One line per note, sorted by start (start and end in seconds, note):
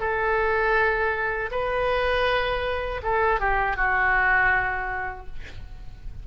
0.00 1.50 A4
1.51 3.01 B4
3.03 3.40 A4
3.40 3.77 G4
3.77 5.27 F#4